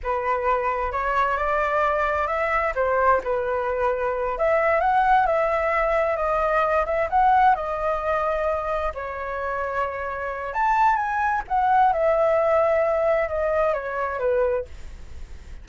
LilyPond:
\new Staff \with { instrumentName = "flute" } { \time 4/4 \tempo 4 = 131 b'2 cis''4 d''4~ | d''4 e''4 c''4 b'4~ | b'4. e''4 fis''4 e''8~ | e''4. dis''4. e''8 fis''8~ |
fis''8 dis''2. cis''8~ | cis''2. a''4 | gis''4 fis''4 e''2~ | e''4 dis''4 cis''4 b'4 | }